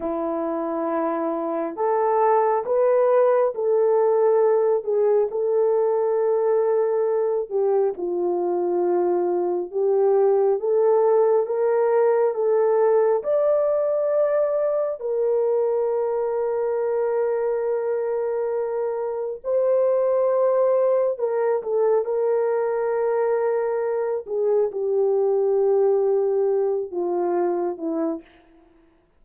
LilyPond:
\new Staff \with { instrumentName = "horn" } { \time 4/4 \tempo 4 = 68 e'2 a'4 b'4 | a'4. gis'8 a'2~ | a'8 g'8 f'2 g'4 | a'4 ais'4 a'4 d''4~ |
d''4 ais'2.~ | ais'2 c''2 | ais'8 a'8 ais'2~ ais'8 gis'8 | g'2~ g'8 f'4 e'8 | }